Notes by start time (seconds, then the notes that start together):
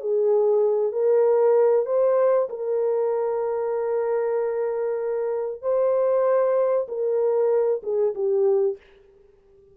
0.00 G#4
0.92 A#4
1.86 C5
2.49 A#4
5.61 C5
6.88 A#4
7.82 G#4
8.14 G4